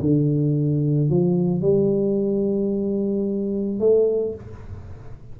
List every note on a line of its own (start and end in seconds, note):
0.00 1.10 D3
1.10 1.61 F3
1.61 3.80 G3
3.80 4.35 A3